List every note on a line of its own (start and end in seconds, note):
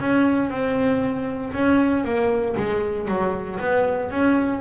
0.00 0.50 C#4
0.50 1.52 C4
1.53 2.04 C#4
2.04 2.55 A#3
2.57 3.08 G#3
3.08 3.59 F#3
3.60 4.11 B3
4.11 4.61 C#4